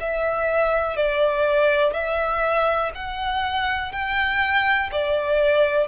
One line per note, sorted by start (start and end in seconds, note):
0.00 0.97 E5
0.97 1.93 D5
1.93 2.92 E5
2.95 3.92 F#5
3.92 4.90 G5
4.91 5.87 D5